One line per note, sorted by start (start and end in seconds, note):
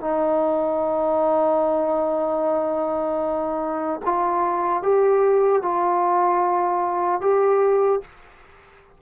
0.00 4.00 D#4
4.05 4.82 F4
4.82 5.62 G4
5.62 7.21 F4
7.21 8.01 G4